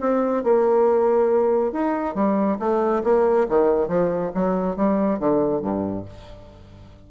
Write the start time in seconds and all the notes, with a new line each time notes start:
0.00 C4
0.43 A#3
1.72 D#4
2.14 G3
2.59 A3
3.04 A#3
3.48 D#3
3.88 F3
4.34 F#3
4.76 G3
5.19 D3
5.61 G2